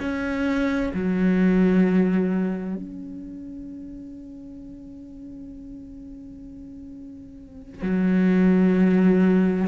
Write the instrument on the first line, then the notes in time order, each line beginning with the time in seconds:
cello
0.00 C#4
0.94 F#3
2.76 C#4
7.82 F#3